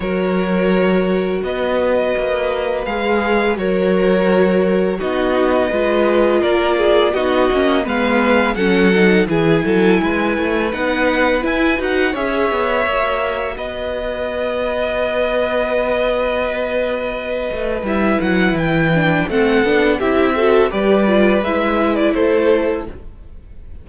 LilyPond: <<
  \new Staff \with { instrumentName = "violin" } { \time 4/4 \tempo 4 = 84 cis''2 dis''2 | f''4 cis''2 dis''4~ | dis''4 d''4 dis''4 f''4 | fis''4 gis''2 fis''4 |
gis''8 fis''8 e''2 dis''4~ | dis''1~ | dis''4 e''8 fis''8 g''4 fis''4 | e''4 d''4 e''8. d''16 c''4 | }
  \new Staff \with { instrumentName = "violin" } { \time 4/4 ais'2 b'2~ | b'4 ais'2 fis'4 | b'4 ais'8 gis'8 fis'4 b'4 | a'4 gis'8 a'8 b'2~ |
b'4 cis''2 b'4~ | b'1~ | b'2. a'4 | g'8 a'8 b'2 a'4 | }
  \new Staff \with { instrumentName = "viola" } { \time 4/4 fis'1 | gis'4 fis'2 dis'4 | f'2 dis'8 cis'8 b4 | cis'8 dis'8 e'2 dis'4 |
e'8 fis'8 gis'4 fis'2~ | fis'1~ | fis'4 e'4. d'8 c'8 d'8 | e'8 fis'8 g'8 f'8 e'2 | }
  \new Staff \with { instrumentName = "cello" } { \time 4/4 fis2 b4 ais4 | gis4 fis2 b4 | gis4 ais4 b8 ais8 gis4 | fis4 e8 fis8 gis8 a8 b4 |
e'8 dis'8 cis'8 b8 ais4 b4~ | b1~ | b8 a8 g8 fis8 e4 a8 b8 | c'4 g4 gis4 a4 | }
>>